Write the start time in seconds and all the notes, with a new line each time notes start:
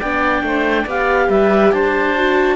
0.00 B3 D4 D5 G5
0.43 A3 C5
0.83 B3 G4 D5
0.90 F5
1.29 G3 B4 E5
1.72 D4 C5 A5
2.16 F#4